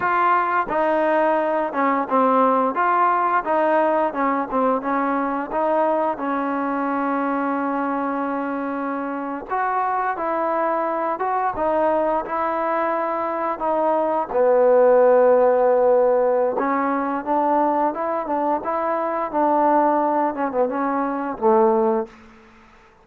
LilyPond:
\new Staff \with { instrumentName = "trombone" } { \time 4/4 \tempo 4 = 87 f'4 dis'4. cis'8 c'4 | f'4 dis'4 cis'8 c'8 cis'4 | dis'4 cis'2.~ | cis'4.~ cis'16 fis'4 e'4~ e'16~ |
e'16 fis'8 dis'4 e'2 dis'16~ | dis'8. b2.~ b16 | cis'4 d'4 e'8 d'8 e'4 | d'4. cis'16 b16 cis'4 a4 | }